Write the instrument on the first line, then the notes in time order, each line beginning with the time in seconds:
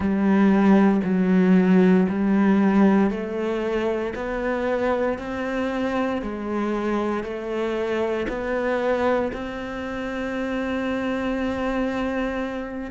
cello
0.00 G3
1.03 F#3
2.08 G3
3.10 A3
4.15 B3
5.18 C4
6.22 G#3
7.23 A3
8.28 B3
9.32 C4